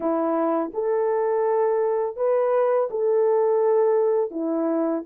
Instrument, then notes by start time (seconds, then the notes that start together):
horn
0.00 E4
0.73 A4
2.16 B4
2.90 A4
4.30 E4